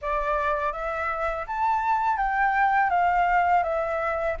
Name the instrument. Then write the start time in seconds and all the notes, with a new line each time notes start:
flute
0.01 D5
0.72 E5
1.46 A5
2.17 G5
2.90 F5
3.63 E5